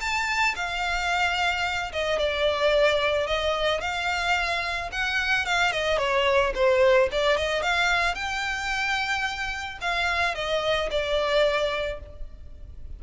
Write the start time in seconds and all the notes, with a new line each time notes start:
0.00 A5
0.56 F5
1.92 D#5
2.18 D5
3.27 D#5
3.81 F5
4.92 F#5
5.45 F5
5.72 D#5
5.98 C#5
6.54 C5
7.11 D5
7.37 D#5
7.62 F5
8.14 G5
9.81 F5
10.35 D#5
10.90 D5